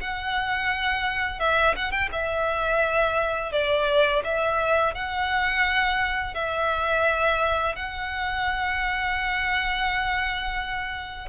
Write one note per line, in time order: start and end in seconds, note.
0.00 1.39 F#5
1.39 1.75 E5
1.76 1.91 F#5
1.91 2.09 G5
2.12 3.52 E5
3.52 4.22 D5
4.24 4.94 E5
4.94 6.34 F#5
6.34 7.75 E5
7.76 11.28 F#5